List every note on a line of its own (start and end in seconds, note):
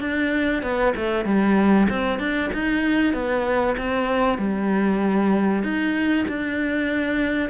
0.00 0.62 D4
0.62 0.93 B3
0.96 1.25 A3
1.25 1.87 G3
1.89 2.18 C4
2.18 2.50 D4
2.53 3.13 D#4
3.13 3.76 B3
3.77 4.38 C4
4.38 5.63 G3
5.63 6.25 D#4
6.28 7.49 D4